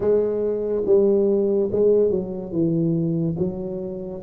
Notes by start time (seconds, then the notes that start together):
0.00 G#3
0.85 G3
1.72 G#3
2.10 F#3
2.51 E3
3.38 F#3